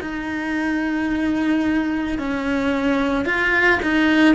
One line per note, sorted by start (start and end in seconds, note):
0.00 2.18 D#4
2.18 3.25 C#4
3.25 3.79 F4
3.82 4.34 D#4